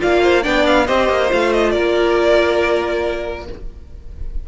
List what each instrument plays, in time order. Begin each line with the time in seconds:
0.00 cello A#3, viola F4, violin D5 F5
0.23 violin C5
0.43 cello B3, viola D4, violin D5 G5
0.67 violin F5
0.87 cello C4, viola G4, violin C5 D#5
1.09 cello A#3
1.29 cello A3, viola F4, violin F5
1.53 violin D#5
1.71 cello A#3, violin A#4 D5